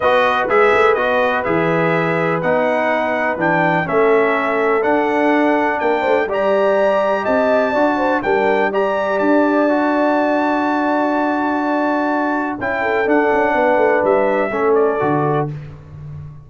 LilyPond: <<
  \new Staff \with { instrumentName = "trumpet" } { \time 4/4 \tempo 4 = 124 dis''4 e''4 dis''4 e''4~ | e''4 fis''2 g''4 | e''2 fis''2 | g''4 ais''2 a''4~ |
a''4 g''4 ais''4 a''4~ | a''1~ | a''2 g''4 fis''4~ | fis''4 e''4. d''4. | }
  \new Staff \with { instrumentName = "horn" } { \time 4/4 b'1~ | b'1 | a'1 | ais'8 c''8 d''2 dis''4 |
d''8 c''8 ais'4 d''2~ | d''1~ | d''2~ d''8 a'4. | b'2 a'2 | }
  \new Staff \with { instrumentName = "trombone" } { \time 4/4 fis'4 gis'4 fis'4 gis'4~ | gis'4 dis'2 d'4 | cis'2 d'2~ | d'4 g'2. |
fis'4 d'4 g'2 | fis'1~ | fis'2 e'4 d'4~ | d'2 cis'4 fis'4 | }
  \new Staff \with { instrumentName = "tuba" } { \time 4/4 b4 gis8 a8 b4 e4~ | e4 b2 e4 | a2 d'2 | ais8 a8 g2 c'4 |
d'4 g2 d'4~ | d'1~ | d'2 cis'4 d'8 cis'8 | b8 a8 g4 a4 d4 | }
>>